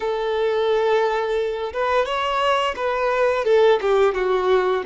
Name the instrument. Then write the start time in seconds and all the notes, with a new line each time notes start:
violin
0.00 A4
1.73 B4
2.05 C#5
2.76 B4
3.45 A4
3.81 G4
4.14 F#4